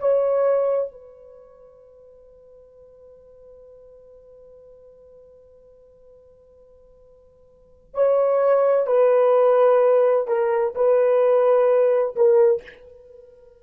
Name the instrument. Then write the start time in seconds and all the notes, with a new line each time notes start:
horn
0.00 C#5
0.92 B4
7.95 C#5
8.87 B4
10.28 A#4
10.75 B4
12.16 A#4